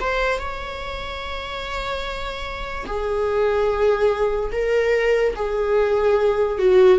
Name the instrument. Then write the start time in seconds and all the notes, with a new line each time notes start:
viola
0.00 C5
0.39 C#5
2.87 G#4
4.52 A#4
5.36 G#4
6.59 F#4